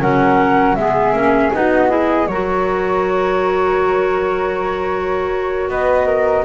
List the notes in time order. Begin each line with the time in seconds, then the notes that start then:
0.00 F#3 C#4 A#4 F#5
0.75 G#3 B3 G#4 E5
1.13 A#3 C#4
1.53 B3 D#4 F#4 D#5
1.88 E4 G#4
2.26 F#3 F#4 A#4 C#5
5.68 B3 B4 D#5
6.06 A#4